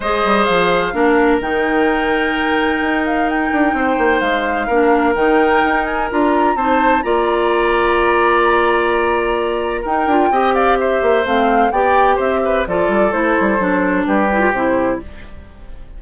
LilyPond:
<<
  \new Staff \with { instrumentName = "flute" } { \time 4/4 \tempo 4 = 128 dis''4 f''2 g''4~ | g''2~ g''8 f''8 g''4~ | g''4 f''2 g''4~ | g''8 gis''8 ais''4 a''4 ais''4~ |
ais''1~ | ais''4 g''4. f''8 e''4 | f''4 g''4 e''4 d''4 | c''2 b'4 c''4 | }
  \new Staff \with { instrumentName = "oboe" } { \time 4/4 c''2 ais'2~ | ais'1 | c''2 ais'2~ | ais'2 c''4 d''4~ |
d''1~ | d''4 ais'4 dis''8 d''8 c''4~ | c''4 d''4 c''8 b'8 a'4~ | a'2 g'2 | }
  \new Staff \with { instrumentName = "clarinet" } { \time 4/4 gis'2 d'4 dis'4~ | dis'1~ | dis'2 d'4 dis'4~ | dis'4 f'4 dis'4 f'4~ |
f'1~ | f'4 dis'8 f'8 g'2 | c'4 g'2 f'4 | e'4 d'4. e'16 f'16 e'4 | }
  \new Staff \with { instrumentName = "bassoon" } { \time 4/4 gis8 g8 f4 ais4 dis4~ | dis2 dis'4. d'8 | c'8 ais8 gis4 ais4 dis4 | dis'4 d'4 c'4 ais4~ |
ais1~ | ais4 dis'8 d'8 c'4. ais8 | a4 b4 c'4 f8 g8 | a8 g8 fis4 g4 c4 | }
>>